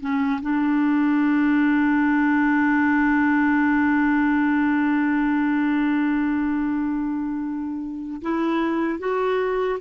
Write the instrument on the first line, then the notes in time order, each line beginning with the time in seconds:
clarinet
0.00 C#4
0.41 D4
8.21 E4
8.99 F#4